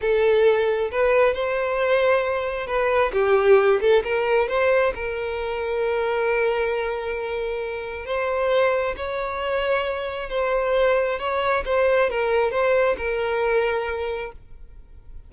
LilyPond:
\new Staff \with { instrumentName = "violin" } { \time 4/4 \tempo 4 = 134 a'2 b'4 c''4~ | c''2 b'4 g'4~ | g'8 a'8 ais'4 c''4 ais'4~ | ais'1~ |
ais'2 c''2 | cis''2. c''4~ | c''4 cis''4 c''4 ais'4 | c''4 ais'2. | }